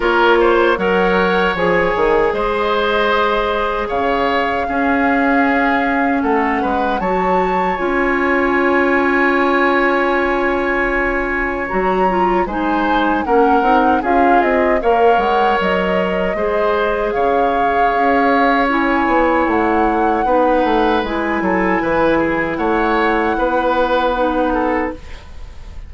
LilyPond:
<<
  \new Staff \with { instrumentName = "flute" } { \time 4/4 \tempo 4 = 77 cis''4 fis''4 gis''4 dis''4~ | dis''4 f''2. | fis''4 a''4 gis''2~ | gis''2. ais''4 |
gis''4 fis''4 f''8 dis''8 f''8 fis''8 | dis''2 f''2 | gis''4 fis''2 gis''4~ | gis''4 fis''2. | }
  \new Staff \with { instrumentName = "oboe" } { \time 4/4 ais'8 c''8 cis''2 c''4~ | c''4 cis''4 gis'2 | a'8 b'8 cis''2.~ | cis''1 |
c''4 ais'4 gis'4 cis''4~ | cis''4 c''4 cis''2~ | cis''2 b'4. a'8 | b'8 gis'8 cis''4 b'4. a'8 | }
  \new Staff \with { instrumentName = "clarinet" } { \time 4/4 f'4 ais'4 gis'2~ | gis'2 cis'2~ | cis'4 fis'4 f'2~ | f'2. fis'8 f'8 |
dis'4 cis'8 dis'8 f'4 ais'4~ | ais'4 gis'2. | e'2 dis'4 e'4~ | e'2. dis'4 | }
  \new Staff \with { instrumentName = "bassoon" } { \time 4/4 ais4 fis4 f8 dis8 gis4~ | gis4 cis4 cis'2 | a8 gis8 fis4 cis'2~ | cis'2. fis4 |
gis4 ais8 c'8 cis'8 c'8 ais8 gis8 | fis4 gis4 cis4 cis'4~ | cis'8 b8 a4 b8 a8 gis8 fis8 | e4 a4 b2 | }
>>